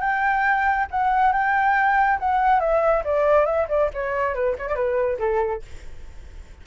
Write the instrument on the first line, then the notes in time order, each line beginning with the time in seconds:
flute
0.00 G5
0.90 F#5
1.32 G5
2.19 F#5
2.60 E5
3.04 D5
3.45 E5
3.68 D5
3.93 C#5
4.34 B4
4.58 C#5
4.67 D5
4.75 B4
5.19 A4